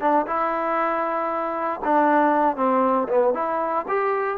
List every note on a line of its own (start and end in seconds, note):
0.00 0.26 D4
0.26 1.80 E4
1.84 2.56 D4
2.56 3.07 C4
3.08 3.34 B3
3.34 3.85 E4
3.88 4.37 G4